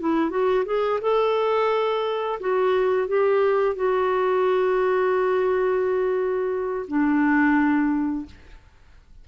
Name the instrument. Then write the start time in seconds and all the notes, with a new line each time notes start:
clarinet
0.00 E4
0.30 F#4
0.66 G#4
1.02 A4
2.40 F#4
3.08 G4
3.76 F#4
6.88 D4